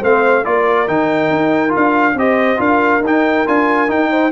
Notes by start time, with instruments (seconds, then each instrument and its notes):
0.00 tuba A3, trombone C4, horn C5, trumpet F5
0.44 tuba A#3, trombone F4, horn A#4, trumpet D5
0.88 tuba D#3, trombone D#4, trumpet G5
1.31 tuba D#4
1.69 trombone F4
1.76 tuba D4, trumpet F5
2.15 tuba C4, trombone G4, horn C5, trumpet D#5
2.58 tuba D4, trombone F4, horn A#4, trumpet F5
3.00 tuba D#4
3.06 trombone D#4, trumpet G5
3.47 tuba D4, trombone F4, trumpet G#5
3.89 trombone D#4, tuba D#4, trumpet G5
4.11 horn C5